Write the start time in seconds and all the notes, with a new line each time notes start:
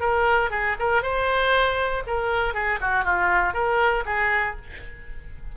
0.00 A#4
0.50 G#4
0.79 A#4
1.02 C5
2.06 A#4
2.54 G#4
2.81 F#4
3.04 F4
3.53 A#4
4.05 G#4